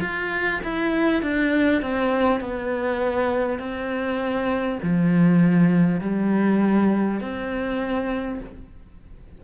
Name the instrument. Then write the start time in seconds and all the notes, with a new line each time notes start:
cello
0.00 F4
0.63 E4
1.22 D4
1.82 C4
2.40 B3
3.58 C4
4.82 F3
6.01 G3
7.20 C4